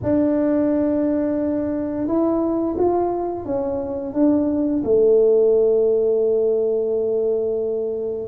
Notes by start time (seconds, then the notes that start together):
0.03 D4
2.07 E4
2.77 F4
3.45 C#4
4.13 D4
4.83 A3